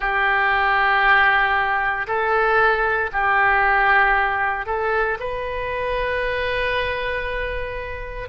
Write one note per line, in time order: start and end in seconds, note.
0.00 2.06 G4
2.07 3.10 A4
3.12 4.66 G4
4.66 5.17 A4
5.19 8.28 B4